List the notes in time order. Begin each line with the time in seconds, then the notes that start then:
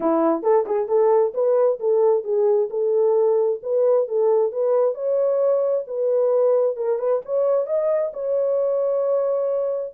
0.00 E4
0.42 A4
0.65 G#4
0.88 A4
1.34 B4
1.79 A4
2.24 G#4
2.69 A4
3.63 B4
4.07 A4
4.52 B4
4.94 C#5
5.87 B4
6.76 A#4
6.99 B4
7.25 C#5
7.66 D#5
8.13 C#5